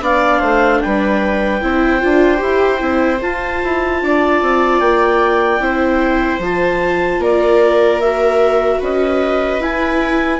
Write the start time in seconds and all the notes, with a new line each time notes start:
0.00 B3 D4 D5 F5
0.39 A3 C5
0.80 G3 B4 G5
1.61 C4 E4 C5
2.01 D4 F4
2.37 E4 G4
2.79 C4 E4
3.20 F4 A5
3.63 E4
4.02 D4 D5
4.42 C4
4.79 A#3 G5
5.59 C4 E4 C5
6.38 F3 F4 A5
7.18 A#3 A#4 D5
8.00 F#4 E5
8.80 C#4 B4 D#5
9.60 E4 G#5